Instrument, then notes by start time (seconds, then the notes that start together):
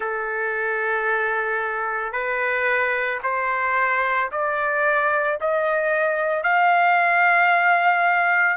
trumpet
0.00 A4
2.12 B4
3.23 C5
4.31 D5
5.41 D#5
6.43 F5